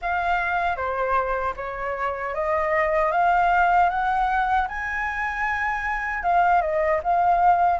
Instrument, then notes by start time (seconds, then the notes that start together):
flute
0.01 F5
0.76 C5
1.56 C#5
2.34 D#5
3.11 F5
3.89 F#5
4.68 G#5
6.23 F5
6.61 D#5
7.03 F5